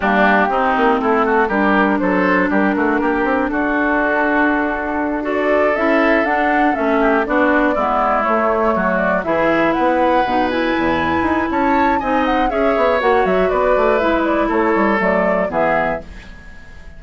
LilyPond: <<
  \new Staff \with { instrumentName = "flute" } { \time 4/4 \tempo 4 = 120 g'2 a'4 ais'4 | c''4 ais'2 a'4~ | a'2~ a'8 d''4 e''8~ | e''8 fis''4 e''4 d''4.~ |
d''8 cis''4. d''8 e''4 fis''8~ | fis''4 gis''2 a''4 | gis''8 fis''8 e''4 fis''8 e''8 d''4 | e''8 d''8 cis''4 d''4 e''4 | }
  \new Staff \with { instrumentName = "oboe" } { \time 4/4 d'4 dis'4 e'8 fis'8 g'4 | a'4 g'8 fis'8 g'4 fis'4~ | fis'2~ fis'8 a'4.~ | a'2 g'8 fis'4 e'8~ |
e'4. fis'4 gis'4 b'8~ | b'2. cis''4 | dis''4 cis''2 b'4~ | b'4 a'2 gis'4 | }
  \new Staff \with { instrumentName = "clarinet" } { \time 4/4 ais4 c'2 d'4~ | d'1~ | d'2~ d'8 fis'4 e'8~ | e'8 d'4 cis'4 d'4 b8~ |
b8 a2 e'4.~ | e'8 dis'8 e'2. | dis'4 gis'4 fis'2 | e'2 a4 b4 | }
  \new Staff \with { instrumentName = "bassoon" } { \time 4/4 g4 c'8 ais8 a4 g4 | fis4 g8 a8 ais8 c'8 d'4~ | d'2.~ d'8 cis'8~ | cis'8 d'4 a4 b4 gis8~ |
gis8 a4 fis4 e4 b8~ | b8 b,4 e,4 dis'8 cis'4 | c'4 cis'8 b8 ais8 fis8 b8 a8 | gis4 a8 g8 fis4 e4 | }
>>